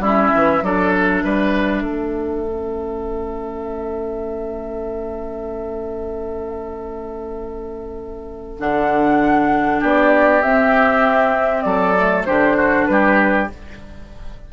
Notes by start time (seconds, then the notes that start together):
0.00 G3 C#4 E4 E5
0.35 E3
0.62 F#3 D4 A4 D5
0.93 E5
1.24 G3 B4
1.83 A3 A4
2.47 C#4
8.59 D3 D4 F#5
9.80 B3 G4 D5
10.42 C4 E5
11.62 F#3 A4 D5
11.98 A3
12.25 D3 D4 G4 C5
12.57 F#4
12.86 G3 G4 B4